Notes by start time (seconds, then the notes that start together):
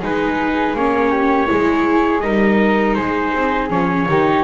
0.00 G#3 D#4 G#4 B4
0.74 A#3 C#4 C#5
1.11 G4
1.47 G#3 E4 G#4
2.20 G3 D#4 A#4 D#5
2.95 G#3 G#4 C5
3.34 C4
3.70 F3 C#4 C#5
4.09 D#3 D#4 G4